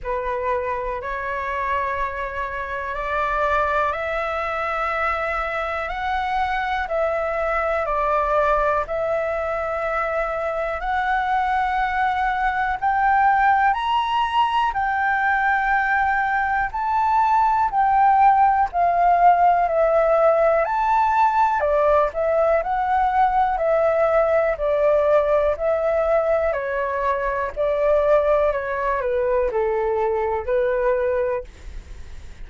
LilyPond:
\new Staff \with { instrumentName = "flute" } { \time 4/4 \tempo 4 = 61 b'4 cis''2 d''4 | e''2 fis''4 e''4 | d''4 e''2 fis''4~ | fis''4 g''4 ais''4 g''4~ |
g''4 a''4 g''4 f''4 | e''4 a''4 d''8 e''8 fis''4 | e''4 d''4 e''4 cis''4 | d''4 cis''8 b'8 a'4 b'4 | }